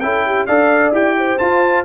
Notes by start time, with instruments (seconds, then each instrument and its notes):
0.00 tuba C#4, trombone E4, horn A4, trumpet G5
0.26 horn G4
0.46 tuba D4, trombone A4, horn D5, trumpet F5
0.92 tuba E4, trombone G4, trumpet G5
1.18 horn C5
1.38 trombone F4, tuba F4, trumpet A5